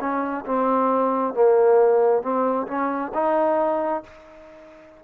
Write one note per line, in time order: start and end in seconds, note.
0.00 0.45 C#4
0.46 1.34 C4
1.34 2.22 A#3
2.22 2.67 C4
2.67 3.12 C#4
3.14 4.04 D#4